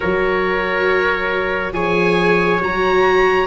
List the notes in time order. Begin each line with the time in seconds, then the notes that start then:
0.00 F#3 F#4 A#4 C#5
1.72 F3 G#4 C#5 G#5
2.60 F#3 F#4 A#5